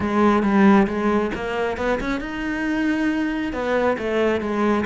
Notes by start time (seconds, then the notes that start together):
0.00 G#3
0.43 G3
0.87 G#3
1.35 A#3
1.77 B3
2.00 C#4
2.20 D#4
3.52 B3
3.97 A3
4.40 G#3